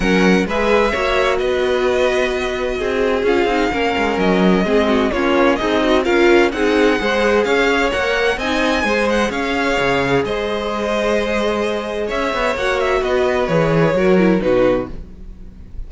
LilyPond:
<<
  \new Staff \with { instrumentName = "violin" } { \time 4/4 \tempo 4 = 129 fis''4 e''2 dis''4~ | dis''2. f''4~ | f''4 dis''2 cis''4 | dis''4 f''4 fis''2 |
f''4 fis''4 gis''4. fis''8 | f''2 dis''2~ | dis''2 e''4 fis''8 e''8 | dis''4 cis''2 b'4 | }
  \new Staff \with { instrumentName = "violin" } { \time 4/4 ais'4 b'4 cis''4 b'4~ | b'2 gis'2 | ais'2 gis'8 fis'8 f'4 | dis'4 ais'4 gis'4 c''4 |
cis''2 dis''4 c''4 | cis''2 c''2~ | c''2 cis''2 | b'2 ais'4 fis'4 | }
  \new Staff \with { instrumentName = "viola" } { \time 4/4 cis'4 gis'4 fis'2~ | fis'2. f'8 dis'8 | cis'2 c'4 cis'4 | gis'8 fis'8 f'4 dis'4 gis'4~ |
gis'4 ais'4 dis'4 gis'4~ | gis'1~ | gis'2. fis'4~ | fis'4 gis'4 fis'8 e'8 dis'4 | }
  \new Staff \with { instrumentName = "cello" } { \time 4/4 fis4 gis4 ais4 b4~ | b2 c'4 cis'8 c'8 | ais8 gis8 fis4 gis4 ais4 | c'4 cis'4 c'4 gis4 |
cis'4 ais4 c'4 gis4 | cis'4 cis4 gis2~ | gis2 cis'8 b8 ais4 | b4 e4 fis4 b,4 | }
>>